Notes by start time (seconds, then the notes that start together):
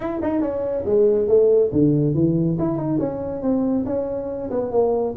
0.00 E4
0.22 D#4
0.41 C#4
0.85 G#3
1.28 A3
1.72 D3
2.14 E3
2.58 E4
2.77 D#4
2.99 C#4
3.42 C4
3.85 C#4
4.50 B3
4.71 A#3